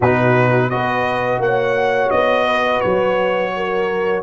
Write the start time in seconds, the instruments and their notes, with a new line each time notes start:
0.00 tuba B2, trombone D#4, horn F#4, trumpet B4
0.69 tuba B3, trombone F#4, horn B4, trumpet D#5
1.39 tuba A#3, horn C#5, trumpet F#5
2.10 tuba B3, trumpet D#5
2.45 horn B4
2.80 tuba F#3, trumpet C#5
3.56 horn A#4